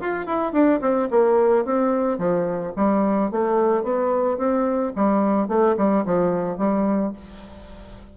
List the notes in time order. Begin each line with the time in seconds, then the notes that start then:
0.00 F4
0.26 E4
0.53 D4
0.81 C4
1.11 A#3
1.65 C4
2.18 F3
2.76 G3
3.31 A3
3.83 B3
4.37 C4
4.96 G3
5.48 A3
5.77 G3
6.05 F3
6.58 G3